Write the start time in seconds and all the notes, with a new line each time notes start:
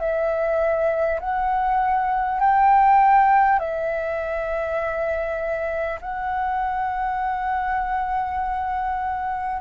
0.00 E5
1.20 F#5
2.41 G5
3.59 E5
6.01 F#5